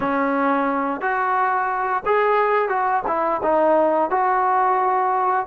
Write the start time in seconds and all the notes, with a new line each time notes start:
0.00 C#4
1.01 F#4
2.05 G#4
2.68 F#4
3.07 E4
3.42 D#4
4.10 F#4